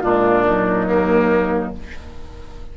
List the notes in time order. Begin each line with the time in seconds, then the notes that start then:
0.00 A#2 G#3 D4 F4
0.45 F#3 D#4
0.86 D#2 A#3